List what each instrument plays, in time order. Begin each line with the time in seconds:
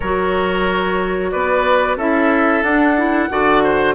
0.00 bassoon F#3, clarinet F#4, oboe A#4, flute C#5
1.31 bassoon B3, oboe B4, flute D5
1.96 bassoon C#4, clarinet E4, oboe A4, flute E5
2.62 bassoon D4, clarinet D4, flute F#5
2.97 clarinet E4
3.29 bassoon D3, clarinet F#4, oboe D5
3.63 oboe C5